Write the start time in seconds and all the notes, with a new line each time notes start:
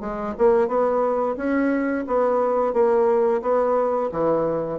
0.00 G#3
0.38 A#3
0.68 B3
1.37 C#4
2.07 B3
2.73 A#3
3.42 B3
4.12 E3